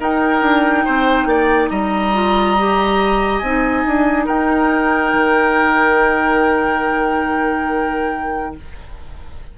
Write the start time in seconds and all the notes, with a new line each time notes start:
0.00 D#4 A#4 G5
0.42 D4
0.85 C4 C5
1.26 A#3 D5
1.69 G3 D#5 A#5
2.14 F4
2.59 G4
3.39 C4 D#4 G#5
3.87 D4
4.25 D#4 A#4 G5
5.14 D#3